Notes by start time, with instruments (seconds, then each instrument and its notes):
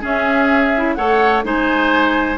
0.00 clarinet C#4, bassoon C#4, oboe G#4, flute E5
0.76 clarinet E4
0.94 bassoon A3, clarinet A4, oboe C#5, flute F#5
1.43 bassoon G#3, clarinet D#4, oboe C5, flute G#5